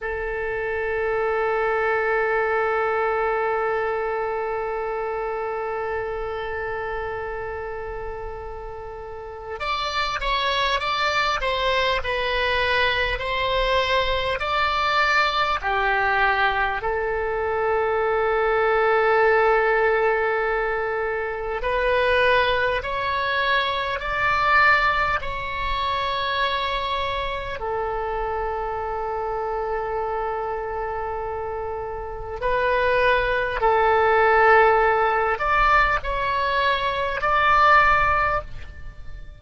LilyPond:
\new Staff \with { instrumentName = "oboe" } { \time 4/4 \tempo 4 = 50 a'1~ | a'1 | d''8 cis''8 d''8 c''8 b'4 c''4 | d''4 g'4 a'2~ |
a'2 b'4 cis''4 | d''4 cis''2 a'4~ | a'2. b'4 | a'4. d''8 cis''4 d''4 | }